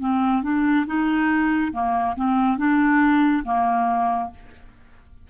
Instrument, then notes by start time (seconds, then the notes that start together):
clarinet
0.00 C4
0.43 D4
0.86 D#4
1.72 A#3
2.16 C4
2.58 D4
3.44 A#3